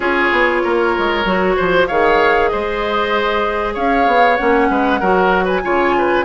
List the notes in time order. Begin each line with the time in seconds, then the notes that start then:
0.00 C#4 F4 G#4 C#5
0.32 B3
0.63 A#3 A#4
0.98 G#3
1.24 F#3 F#4
1.56 F3 C5
1.87 D#3 G#4 C#5 F5
2.49 G#3 C5 D#5
3.74 C#4 C#5 F5
4.07 B3
4.36 A#3 C#4 F#5
4.69 G#3 B4
4.99 F#3 F#4 A#4
5.44 B4 G#5
5.62 C#3 F4 C#5
5.98 B4